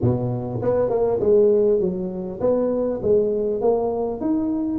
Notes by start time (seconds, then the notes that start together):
0.01 B2
0.62 B3
0.89 A#3
1.20 G#3
1.79 F#3
2.40 B3
3.02 G#3
3.61 A#3
4.21 D#4